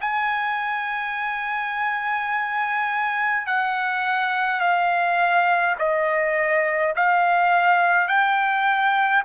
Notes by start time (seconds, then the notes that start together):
0.00 G#5
3.46 F#5
4.60 F5
5.78 D#5
6.95 F5
8.08 G5